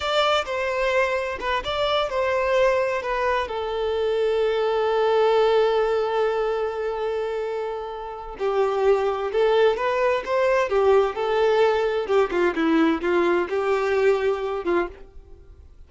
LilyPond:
\new Staff \with { instrumentName = "violin" } { \time 4/4 \tempo 4 = 129 d''4 c''2 b'8 d''8~ | d''8 c''2 b'4 a'8~ | a'1~ | a'1~ |
a'2 g'2 | a'4 b'4 c''4 g'4 | a'2 g'8 f'8 e'4 | f'4 g'2~ g'8 f'8 | }